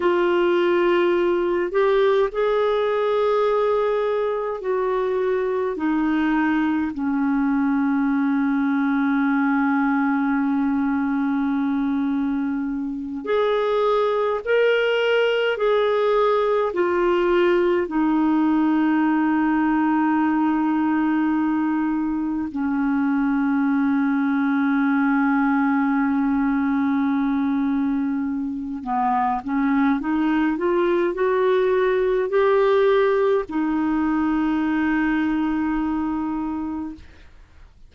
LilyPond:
\new Staff \with { instrumentName = "clarinet" } { \time 4/4 \tempo 4 = 52 f'4. g'8 gis'2 | fis'4 dis'4 cis'2~ | cis'2.~ cis'8 gis'8~ | gis'8 ais'4 gis'4 f'4 dis'8~ |
dis'2.~ dis'8 cis'8~ | cis'1~ | cis'4 b8 cis'8 dis'8 f'8 fis'4 | g'4 dis'2. | }